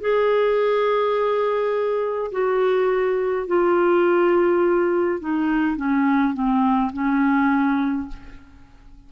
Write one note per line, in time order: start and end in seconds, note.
0.00 2.31 G#4
2.31 3.47 F#4
3.47 5.20 F4
5.20 5.76 D#4
5.76 6.33 C#4
6.33 6.91 C4
6.93 8.08 C#4